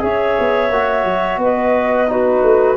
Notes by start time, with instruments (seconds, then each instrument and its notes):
0.00 tuba C#4, trombone G#4, clarinet C#5, flute E5
0.40 tuba B3
0.70 tuba A#3, trombone F#4
1.04 tuba F#3
1.37 tuba B3, clarinet B4, flute D#5
2.07 trombone D#4, clarinet F#4, flute B4
2.43 tuba A3